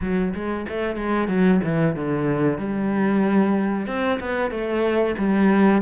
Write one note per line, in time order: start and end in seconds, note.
0.01 0.33 F#3
0.33 0.66 G#3
0.68 0.95 A3
0.95 1.28 G#3
1.28 1.60 F#3
1.63 1.95 E3
1.95 2.58 D3
2.58 3.87 G3
3.87 4.19 C4
4.19 4.50 B3
4.50 5.15 A3
5.18 5.81 G3